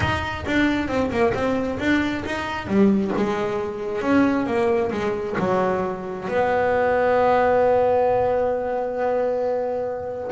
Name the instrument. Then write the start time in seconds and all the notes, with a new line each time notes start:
double bass
0.00 D#4
0.46 D4
0.88 C4
1.11 A#3
1.34 C4
1.79 D4
2.25 D#4
2.67 G3
3.16 G#3
4.01 C#4
4.46 A#3
4.91 G#3
5.38 F#3
6.28 B3